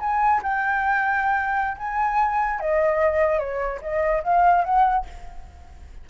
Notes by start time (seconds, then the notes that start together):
0.00 G#5
0.43 G5
1.78 G#5
2.60 D#5
3.39 C#5
3.82 D#5
4.24 F5
4.64 F#5